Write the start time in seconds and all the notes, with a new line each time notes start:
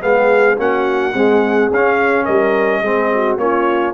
0.00 G#3 B3 G#4 F5
0.57 A#3 C#4 F#4 F#5
1.14 G#3 C4 G#4
1.71 C#4 F5
2.24 G3 A#4 D#5
2.81 G#3 C4 G#4
3.15 F#4
3.37 A#3 C#4 F4 C#5